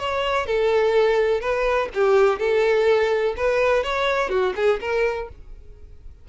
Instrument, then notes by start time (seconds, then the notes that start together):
violin
0.00 C#5
0.46 A4
1.41 B4
1.94 G4
2.39 A4
3.37 B4
3.84 C#5
4.30 F#4
4.56 G#4
4.81 A#4